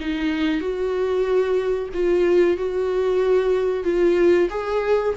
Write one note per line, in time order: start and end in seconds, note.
0.00 0.60 D#4
0.60 1.89 F#4
1.94 2.57 F4
2.57 3.84 F#4
3.84 4.48 F4
4.49 5.14 G#4